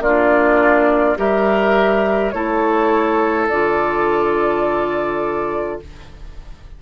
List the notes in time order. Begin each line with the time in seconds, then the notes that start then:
0.00 A#3 D4 F4 D5
1.17 G3 G4 A#4 E5
2.31 A3 E4 A4 C#5
3.49 D3 F4 D5